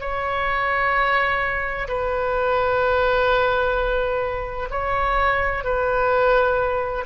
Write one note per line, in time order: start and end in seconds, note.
0.00 1.87 C#5
1.88 4.70 B4
4.70 5.64 C#5
5.64 7.05 B4